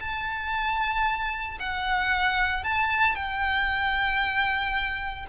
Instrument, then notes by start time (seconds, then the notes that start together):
violin
0.00 A5
1.59 F#5
2.63 A5
3.15 G5